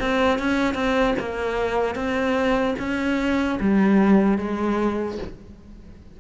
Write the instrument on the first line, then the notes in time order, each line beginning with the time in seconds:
cello
0.00 C4
0.39 C#4
0.75 C4
1.19 A#3
1.95 C4
2.79 C#4
3.60 G3
4.38 G#3